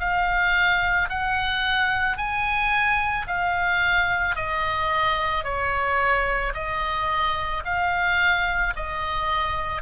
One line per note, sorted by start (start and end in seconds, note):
0.00 1.09 F5
1.09 2.17 F#5
2.17 3.26 G#5
3.27 4.36 F5
4.36 5.44 D#5
5.44 6.53 C#5
6.54 7.63 D#5
7.65 8.74 F5
8.76 9.82 D#5